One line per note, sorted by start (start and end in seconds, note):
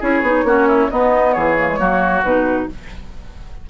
0.00 0.22 C#4
0.00 0.23 E4
0.00 0.45 G#4
0.00 0.91 C#5
0.22 0.44 B3
0.22 0.46 D#4
0.44 0.89 A#3
0.44 0.90 C#4
0.44 0.68 F#4
0.68 0.90 E4
0.90 1.58 B3
0.90 1.36 B3
0.90 1.35 D#4
0.90 1.34 D#5
1.34 1.80 E3
1.34 1.80 G#4
1.34 2.23 C#5
1.59 1.69 A#3
1.69 1.79 G#3
1.79 2.23 F#3
1.79 2.24 A#3
1.79 2.69 F#4
2.23 2.68 B2
2.23 2.70 D#4
2.23 2.69 B4